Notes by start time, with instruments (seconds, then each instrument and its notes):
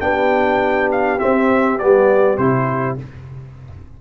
0.00 tuba B3, trombone D4, horn G4, trumpet G5
0.91 trumpet F5
1.19 trombone C4, tuba C4, trumpet E5
1.78 tuba G3, trombone B3, trumpet D5
2.37 tuba C3, trombone E4, trumpet C5